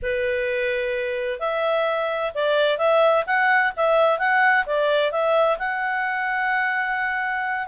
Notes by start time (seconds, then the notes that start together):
0.02 B4
1.39 E5
2.34 D5
2.78 E5
3.26 F#5
3.76 E5
4.18 F#5
4.66 D5
5.11 E5
5.58 F#5